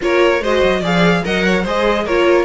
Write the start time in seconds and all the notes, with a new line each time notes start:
0.00 A#3 F4 A#4 C#5
0.40 G#3 F#4 C5 D#5
0.63 F#3
0.80 F3 G#4 D5 F5
1.24 F#3 A#4 D#5 F#5
1.45 C#5
1.62 G#3 G#4 C5 D#5
2.05 A#3 F4 A#4 C#5